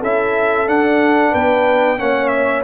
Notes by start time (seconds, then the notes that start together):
0.00 C#4 E4 A4 E5
0.67 D4 F#5
1.31 B3 B4 G5
1.98 A#3 C#4 C#5 F#5
2.28 E5